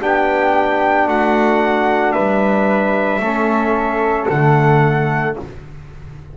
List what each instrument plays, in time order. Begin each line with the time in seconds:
0.00 double bass B3, trombone D4, flute G4, trumpet G5
1.06 double bass A3, flute F#4, trumpet F#5
2.12 double bass G3, flute B4, trumpet E5
3.19 double bass A3, trombone C#4, flute A4
4.29 double bass D3, trombone A3, trumpet F#5